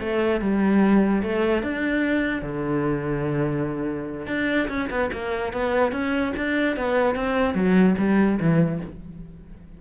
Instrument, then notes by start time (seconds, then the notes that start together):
cello
0.00 A3
0.41 G3
1.23 A3
1.63 D4
2.42 D3
4.27 D4
4.68 C#4
4.90 B3
5.12 A#3
5.53 B3
5.92 C#4
6.36 D4
6.77 B3
7.15 C4
7.54 F#3
7.98 G3
8.40 E3